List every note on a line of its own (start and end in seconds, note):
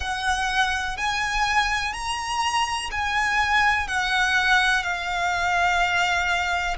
0.00 0.97 F#5
0.97 1.93 G#5
1.93 2.89 A#5
2.91 3.87 G#5
3.87 4.83 F#5
4.83 6.76 F5